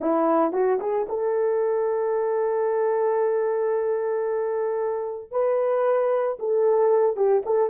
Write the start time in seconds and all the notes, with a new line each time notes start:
0.00 E4
0.52 F#4
0.80 G#4
1.08 A4
5.31 B4
6.39 A4
7.16 G4
7.45 A4